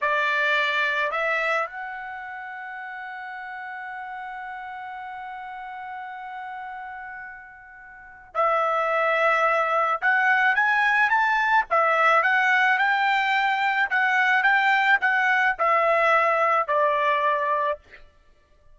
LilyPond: \new Staff \with { instrumentName = "trumpet" } { \time 4/4 \tempo 4 = 108 d''2 e''4 fis''4~ | fis''1~ | fis''1~ | fis''2. e''4~ |
e''2 fis''4 gis''4 | a''4 e''4 fis''4 g''4~ | g''4 fis''4 g''4 fis''4 | e''2 d''2 | }